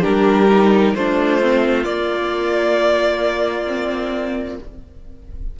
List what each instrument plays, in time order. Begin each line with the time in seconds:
0.00 cello G3, viola D4, violin G4 A#4
0.50 viola D#4
0.94 cello A3, viola D4, violin F4 C5
1.41 viola C4
1.84 viola A#3, cello A#3, violin D5
3.66 viola C4